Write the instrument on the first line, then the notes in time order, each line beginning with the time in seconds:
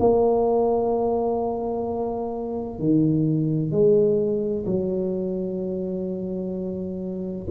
tuba
0.00 A#3
2.79 D#3
3.72 G#3
4.66 F#3